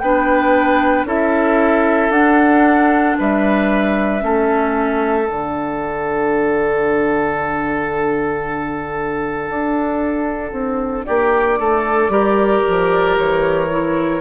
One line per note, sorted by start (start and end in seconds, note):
0.00 1.05 B3
0.00 1.07 D4
0.00 1.07 B4
0.00 1.05 G5
1.05 2.10 C#4
1.05 2.12 E4
1.05 3.18 A4
1.05 2.12 E5
2.10 3.16 D4
2.10 4.20 D4
2.10 3.17 F#5
3.19 4.23 G3
3.19 4.24 B4
3.19 5.29 E5
4.20 5.29 A3
4.20 5.24 C#4
4.20 11.07 A4
5.24 9.50 D3
5.24 12.08 D4
5.24 11.06 F#5
9.50 10.53 D4
10.53 11.05 C4
11.06 11.60 A#3
11.06 11.59 G4
11.06 13.17 D5
11.60 12.09 A3
11.60 12.12 A4
12.09 12.62 G3
12.09 13.68 G4
12.09 14.21 A#4
12.69 13.19 F3
13.18 14.21 E3
13.18 14.21 C#5
13.71 14.21 E4